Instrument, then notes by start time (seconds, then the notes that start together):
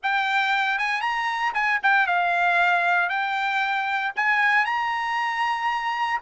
trumpet
0.02 G5
0.78 G#5
1.01 A#5
1.54 G#5
1.82 G5
2.06 F5
3.09 G5
4.15 G#5
4.65 A#5